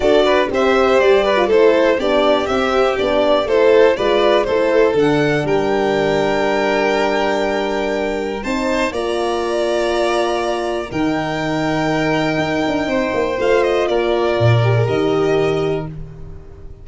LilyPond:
<<
  \new Staff \with { instrumentName = "violin" } { \time 4/4 \tempo 4 = 121 d''4 e''4 d''4 c''4 | d''4 e''4 d''4 c''4 | d''4 c''4 fis''4 g''4~ | g''1~ |
g''4 a''4 ais''2~ | ais''2 g''2~ | g''2. f''8 dis''8 | d''2 dis''2 | }
  \new Staff \with { instrumentName = "violin" } { \time 4/4 a'8 b'8 c''4. b'8 a'4 | g'2. a'4 | b'4 a'2 ais'4~ | ais'1~ |
ais'4 c''4 d''2~ | d''2 ais'2~ | ais'2 c''2 | ais'1 | }
  \new Staff \with { instrumentName = "horn" } { \time 4/4 fis'4 g'4.~ g'16 f'16 e'4 | d'4 c'4 d'4 e'4 | f'4 e'4 d'2~ | d'1~ |
d'4 dis'4 f'2~ | f'2 dis'2~ | dis'2. f'4~ | f'4. g'16 gis'16 g'2 | }
  \new Staff \with { instrumentName = "tuba" } { \time 4/4 d'4 c'4 g4 a4 | b4 c'4 b4 a4 | gis4 a4 d4 g4~ | g1~ |
g4 c'4 ais2~ | ais2 dis2~ | dis4 dis'8 d'8 c'8 ais8 a4 | ais4 ais,4 dis2 | }
>>